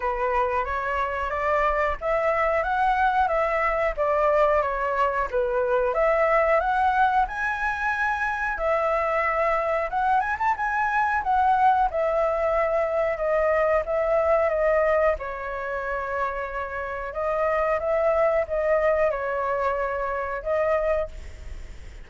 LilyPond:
\new Staff \with { instrumentName = "flute" } { \time 4/4 \tempo 4 = 91 b'4 cis''4 d''4 e''4 | fis''4 e''4 d''4 cis''4 | b'4 e''4 fis''4 gis''4~ | gis''4 e''2 fis''8 gis''16 a''16 |
gis''4 fis''4 e''2 | dis''4 e''4 dis''4 cis''4~ | cis''2 dis''4 e''4 | dis''4 cis''2 dis''4 | }